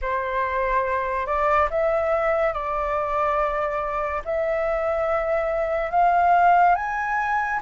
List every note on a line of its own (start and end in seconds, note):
0.01 1.26 C5
1.26 1.68 D5
1.70 2.53 E5
2.53 4.22 D5
4.24 5.90 E5
5.90 6.75 F5
6.75 7.59 G#5